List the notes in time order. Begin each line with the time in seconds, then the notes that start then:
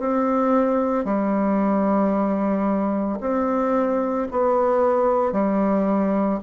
0.00 C4
1.05 G3
3.21 C4
4.31 B3
5.33 G3